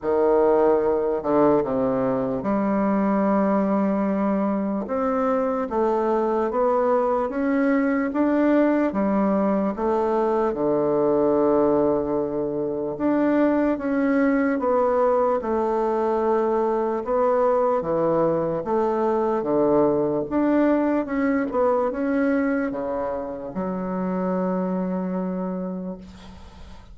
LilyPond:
\new Staff \with { instrumentName = "bassoon" } { \time 4/4 \tempo 4 = 74 dis4. d8 c4 g4~ | g2 c'4 a4 | b4 cis'4 d'4 g4 | a4 d2. |
d'4 cis'4 b4 a4~ | a4 b4 e4 a4 | d4 d'4 cis'8 b8 cis'4 | cis4 fis2. | }